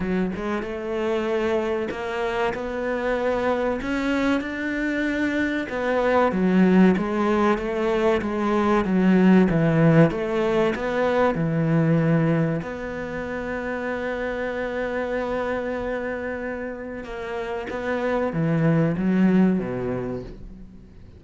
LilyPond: \new Staff \with { instrumentName = "cello" } { \time 4/4 \tempo 4 = 95 fis8 gis8 a2 ais4 | b2 cis'4 d'4~ | d'4 b4 fis4 gis4 | a4 gis4 fis4 e4 |
a4 b4 e2 | b1~ | b2. ais4 | b4 e4 fis4 b,4 | }